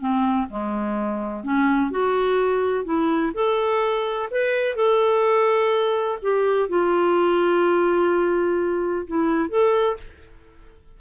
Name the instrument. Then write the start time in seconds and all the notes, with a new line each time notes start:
clarinet
0.00 C4
0.50 G#3
1.44 C#4
1.91 F#4
2.85 E4
3.34 A4
4.31 B4
4.76 A4
6.22 G4
6.69 F4
9.07 E4
9.50 A4